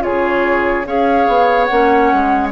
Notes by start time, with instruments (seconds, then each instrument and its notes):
0.00 bassoon C#3, clarinet F4, oboe G#4, flute C#5
0.85 bassoon C#4, clarinet G#4, oboe C#5, flute F5
1.27 bassoon B3
1.64 flute F#5
1.70 bassoon A#3, clarinet C#4
2.13 bassoon G#3